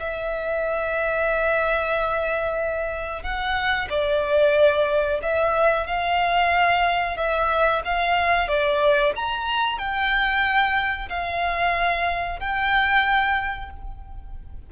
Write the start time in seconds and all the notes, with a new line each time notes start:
0.00 E5
3.23 F#5
3.90 D5
5.23 E5
5.87 F5
7.17 E5
7.85 F5
8.48 D5
9.16 A#5
9.79 G5
11.10 F5
12.40 G5